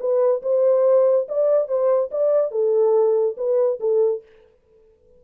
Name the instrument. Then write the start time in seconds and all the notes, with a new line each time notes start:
horn
0.00 B4
0.42 C5
1.28 D5
1.68 C5
2.11 D5
2.51 A4
3.37 B4
3.80 A4